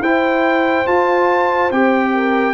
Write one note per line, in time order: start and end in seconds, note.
0.00 0.85 E4
0.00 2.12 C5
0.00 0.86 G5
0.85 1.70 F4
0.85 1.71 F4
0.85 1.71 A5
1.71 2.54 C4
1.71 2.54 G4
1.71 2.54 G5
2.14 2.54 A#4